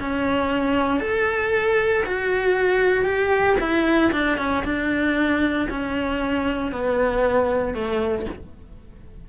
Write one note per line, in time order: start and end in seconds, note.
0.00 1.01 C#4
1.01 2.04 A4
2.06 3.05 F#4
3.05 3.57 G4
3.60 4.12 E4
4.13 4.38 D4
4.38 4.64 C#4
4.65 5.68 D4
5.70 6.72 C#4
6.72 7.74 B3
7.74 8.26 A3